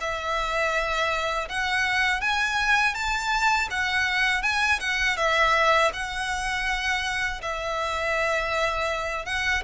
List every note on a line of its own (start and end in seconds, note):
0.00 1.48 E5
1.48 2.21 F#5
2.21 2.94 G#5
2.94 3.68 A5
3.70 4.42 F#5
4.42 4.79 G#5
4.80 5.16 F#5
5.16 5.91 E5
5.93 7.41 F#5
7.42 9.25 E5
9.25 9.62 F#5